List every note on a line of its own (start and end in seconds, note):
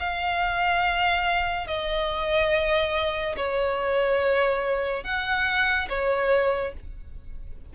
0.00 1.67 F5
1.67 3.36 D#5
3.37 5.04 C#5
5.04 5.88 F#5
5.89 6.74 C#5